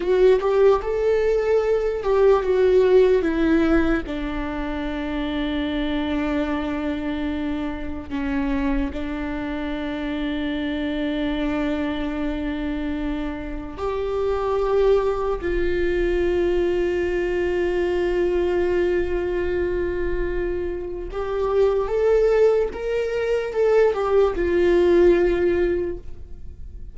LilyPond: \new Staff \with { instrumentName = "viola" } { \time 4/4 \tempo 4 = 74 fis'8 g'8 a'4. g'8 fis'4 | e'4 d'2.~ | d'2 cis'4 d'4~ | d'1~ |
d'4 g'2 f'4~ | f'1~ | f'2 g'4 a'4 | ais'4 a'8 g'8 f'2 | }